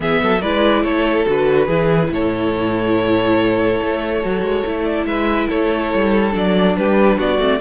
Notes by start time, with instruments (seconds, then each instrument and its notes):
0.00 cello E3, viola B3, violin G#4 E5
0.22 cello F#3, violin A4
0.41 cello G#3, viola E4, violin B4 D5
0.83 cello A3, violin A4 C#5
1.26 cello D3, viola F#4, violin B4
1.65 cello E3, viola E4, violin G#4
2.11 cello A2, violin A4 C#5
3.81 cello A3
4.22 cello F#3, viola F#4
4.41 cello G#3
4.65 cello A3, viola E4
4.84 violin D5
5.05 cello G#3, violin B4 E5
5.49 cello A3, violin A4 C#5
5.93 cello G3
6.31 cello F#3, viola D4, violin D5
6.76 cello G3, violin G4 B4
7.17 cello B3, violin F#4 D5
7.38 cello A3, viola C4